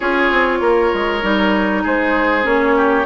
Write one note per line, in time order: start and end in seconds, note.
0.00 0.31 C#4
0.00 1.22 F4
0.00 0.58 G#4
0.00 1.84 C#5
0.31 0.60 C4
0.60 0.91 A#3
0.60 1.83 A#4
0.94 1.22 G#3
1.22 1.84 G3
1.22 2.43 D#4
1.83 2.44 G#3
1.83 2.75 G#4
1.83 2.46 C5
2.43 3.05 A#3
2.43 3.04 C#4
2.43 3.06 C#5
2.76 3.06 G4